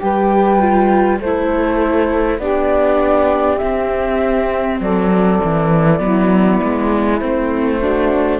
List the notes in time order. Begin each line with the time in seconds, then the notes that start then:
0.00 G3 G4 B4 G5
0.59 F4
1.20 A3 E4 A4 C5
2.39 B3 D4 G4 D5
3.58 C4 E5
4.80 F#3 A4 D5
5.44 E3
5.98 F#3 B3 E4
6.63 G#3
7.20 A3 C4 C5
7.79 D4 F#4